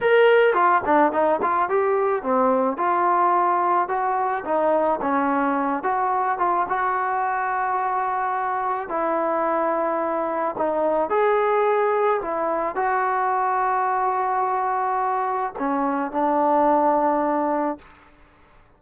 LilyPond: \new Staff \with { instrumentName = "trombone" } { \time 4/4 \tempo 4 = 108 ais'4 f'8 d'8 dis'8 f'8 g'4 | c'4 f'2 fis'4 | dis'4 cis'4. fis'4 f'8 | fis'1 |
e'2. dis'4 | gis'2 e'4 fis'4~ | fis'1 | cis'4 d'2. | }